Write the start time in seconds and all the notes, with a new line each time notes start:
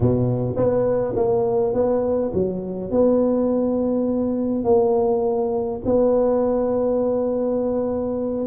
0.00 B2
0.56 B3
1.16 A#3
1.73 B3
2.33 F#3
2.90 B3
4.64 A#3
5.85 B3